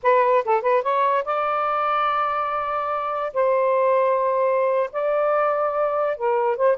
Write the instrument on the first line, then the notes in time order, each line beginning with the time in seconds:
saxophone
0.02 B4
0.44 A4
0.61 B4
0.82 C#5
1.24 D5
3.33 C5
4.92 D5
6.16 A#4
6.56 C5